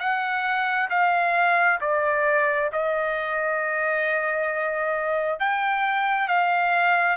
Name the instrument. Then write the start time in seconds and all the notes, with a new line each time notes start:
trumpet
0.00 F#5
0.90 F5
1.81 D5
2.73 D#5
5.40 G5
6.28 F5